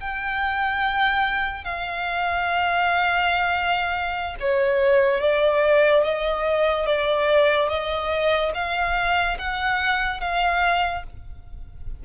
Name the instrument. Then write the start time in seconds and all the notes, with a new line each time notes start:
violin
0.00 G5
1.64 F5
4.40 C#5
5.20 D5
6.03 D#5
6.86 D5
7.69 D#5
8.54 F5
9.38 F#5
10.20 F5